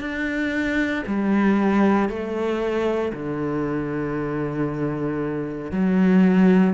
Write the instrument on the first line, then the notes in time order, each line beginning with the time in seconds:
cello
0.00 D4
1.07 G3
2.09 A3
3.13 D3
5.71 F#3